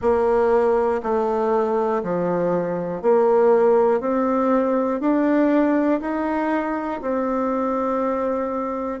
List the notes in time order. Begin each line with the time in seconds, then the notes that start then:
0.01 A#3
1.03 A3
2.03 F3
3.01 A#3
4.00 C4
5.00 D4
6.00 D#4
7.01 C4